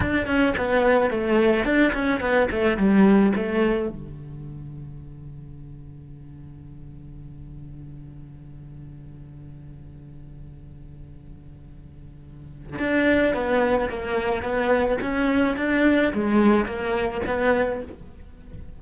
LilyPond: \new Staff \with { instrumentName = "cello" } { \time 4/4 \tempo 4 = 108 d'8 cis'8 b4 a4 d'8 cis'8 | b8 a8 g4 a4 d4~ | d1~ | d1~ |
d1~ | d2. d'4 | b4 ais4 b4 cis'4 | d'4 gis4 ais4 b4 | }